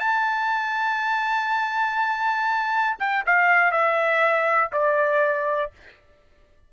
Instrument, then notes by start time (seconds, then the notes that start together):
trumpet
0.00 A5
2.99 G5
3.26 F5
3.72 E5
4.73 D5